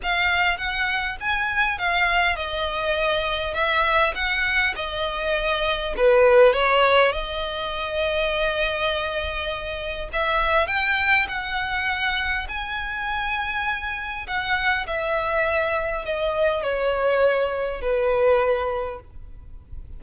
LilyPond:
\new Staff \with { instrumentName = "violin" } { \time 4/4 \tempo 4 = 101 f''4 fis''4 gis''4 f''4 | dis''2 e''4 fis''4 | dis''2 b'4 cis''4 | dis''1~ |
dis''4 e''4 g''4 fis''4~ | fis''4 gis''2. | fis''4 e''2 dis''4 | cis''2 b'2 | }